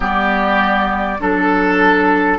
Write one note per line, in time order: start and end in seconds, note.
0.00 1.18 G3
0.00 1.19 B3
0.00 1.18 G4
0.00 1.21 D5
1.19 2.38 F#3
1.19 2.38 D4
1.19 2.38 A4